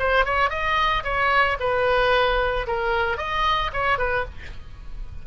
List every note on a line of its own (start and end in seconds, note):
0.00 0.26 C5
0.26 0.50 C#5
0.50 1.04 D#5
1.04 1.58 C#5
1.60 2.67 B4
2.67 3.18 A#4
3.18 3.72 D#5
3.74 3.99 C#5
3.99 4.26 B4